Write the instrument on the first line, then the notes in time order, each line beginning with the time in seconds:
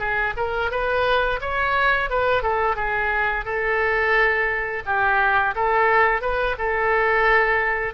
oboe
0.00 G#4
0.37 A#4
0.71 B4
1.42 C#5
2.10 B4
2.43 A4
2.76 G#4
3.46 A4
4.86 G4
5.56 A4
6.22 B4
6.59 A4